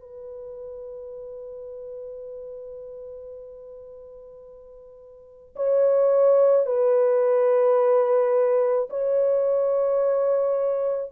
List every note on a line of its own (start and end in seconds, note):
0.00 5.56 B4
5.56 6.67 C#5
6.67 8.89 B4
8.90 11.12 C#5